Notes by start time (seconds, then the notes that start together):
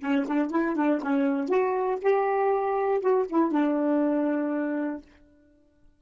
0.00 C#4
0.27 D4
0.51 E4
0.76 D4
1.03 C#4
1.49 F#4
2.01 G4
3.01 F#4
3.29 E4
3.51 D4